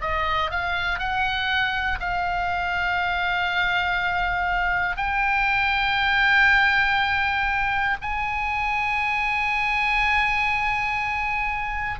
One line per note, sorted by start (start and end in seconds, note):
0.00 0.50 D#5
0.50 0.99 F5
0.99 1.99 F#5
2.00 4.96 F5
4.96 7.96 G5
8.01 12.00 G#5